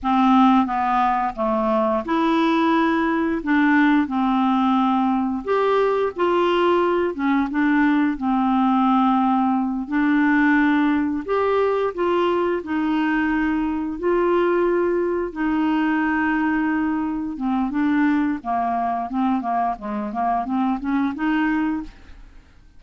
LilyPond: \new Staff \with { instrumentName = "clarinet" } { \time 4/4 \tempo 4 = 88 c'4 b4 a4 e'4~ | e'4 d'4 c'2 | g'4 f'4. cis'8 d'4 | c'2~ c'8 d'4.~ |
d'8 g'4 f'4 dis'4.~ | dis'8 f'2 dis'4.~ | dis'4. c'8 d'4 ais4 | c'8 ais8 gis8 ais8 c'8 cis'8 dis'4 | }